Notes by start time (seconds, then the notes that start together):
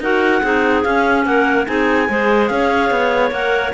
0.00 D#4 F#4 A#4 F#5
0.42 C4 D#4 G#4
0.83 C#4 F5
1.25 A#3 A#4 F#5
1.65 C4 D#4 G#4 G#5
2.09 G#3 G#4 C5
2.47 C#4 F5
2.54 C#5
2.90 B3
3.31 A#3 A#4 F#5